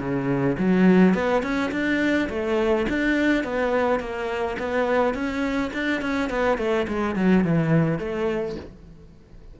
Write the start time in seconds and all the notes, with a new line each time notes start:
0.00 C#3
0.59 F#3
1.15 B3
1.43 C#4
1.72 D4
2.30 A3
2.89 D4
3.44 B3
4.00 A#3
4.60 B3
5.15 C#4
5.74 D4
6.02 C#4
6.30 B3
6.58 A3
6.89 G#3
7.16 F#3
7.44 E3
7.99 A3